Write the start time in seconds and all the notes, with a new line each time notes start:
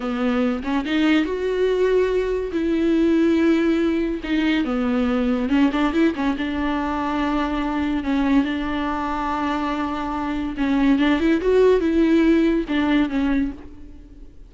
0.00 B3
0.63 C#4
0.85 D#4
1.24 F#4
2.52 E4
4.23 D#4
4.64 B3
5.49 C#4
5.72 D4
5.93 E4
6.15 C#4
6.37 D4
8.03 C#4
8.44 D4
10.57 C#4
10.98 D4
11.20 E4
11.41 F#4
11.80 E4
12.68 D4
13.09 C#4